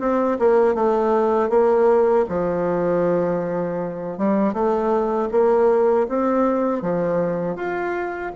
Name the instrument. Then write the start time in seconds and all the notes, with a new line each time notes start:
bassoon
0.00 C4
0.39 A#3
0.75 A3
1.50 A#3
2.29 F3
4.18 G3
4.53 A3
5.31 A#3
6.09 C4
6.82 F3
7.56 F4